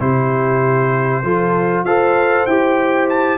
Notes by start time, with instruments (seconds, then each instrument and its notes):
0.00 tuba C3, trombone E4, horn G4, trumpet C5
1.24 tuba F3, trombone F4, horn A4
1.84 tuba F4, trombone A4, horn C5, trumpet F5
2.46 tuba E4, trombone G4, trumpet G5
3.10 trumpet A5